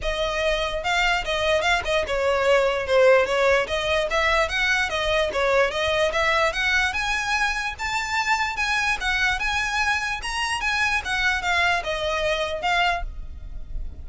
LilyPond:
\new Staff \with { instrumentName = "violin" } { \time 4/4 \tempo 4 = 147 dis''2 f''4 dis''4 | f''8 dis''8 cis''2 c''4 | cis''4 dis''4 e''4 fis''4 | dis''4 cis''4 dis''4 e''4 |
fis''4 gis''2 a''4~ | a''4 gis''4 fis''4 gis''4~ | gis''4 ais''4 gis''4 fis''4 | f''4 dis''2 f''4 | }